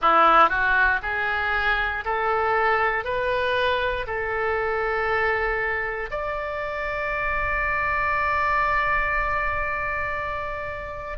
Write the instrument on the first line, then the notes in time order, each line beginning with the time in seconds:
oboe
0.01 E4
0.49 F#4
1.02 G#4
2.04 A4
3.04 B4
4.06 A4
6.10 D5